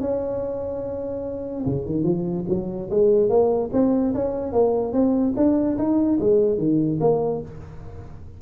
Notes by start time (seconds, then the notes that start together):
0.00 C#4
1.65 C#3
1.85 D#3
2.03 F3
2.48 F#3
2.90 G#3
3.29 A#3
3.72 C4
4.14 C#4
4.52 A#3
4.92 C4
5.36 D4
5.77 D#4
6.20 G#3
6.58 D#3
7.00 A#3